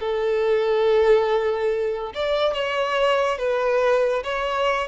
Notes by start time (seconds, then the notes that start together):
0.00 A4
2.14 D5
2.53 C#5
3.38 B4
4.23 C#5